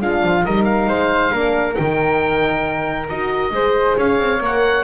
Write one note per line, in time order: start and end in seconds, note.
0.00 0.23 G#3
0.00 0.44 D4
0.00 0.45 F4
0.00 0.45 F5
0.23 0.45 F3
0.45 0.87 G3
0.45 1.33 D#4
0.45 0.88 A#4
0.45 0.64 D#5
0.64 1.74 F5
0.87 1.31 G#3
0.87 1.32 C5
1.32 1.76 A#3
1.32 1.73 D4
1.32 3.52 A#4
1.73 3.05 D#4
1.73 3.07 G5
1.79 3.09 D#3
3.09 3.51 D#4
3.09 3.53 F#4
3.09 3.97 D#5
3.51 3.95 G#3
3.51 4.40 G#4
3.51 3.97 C5
3.97 4.19 C#4
3.97 4.84 C#5
3.97 4.43 F5
4.19 4.40 C4
4.40 4.84 A#3
4.40 4.84 A#4
4.40 4.84 F#5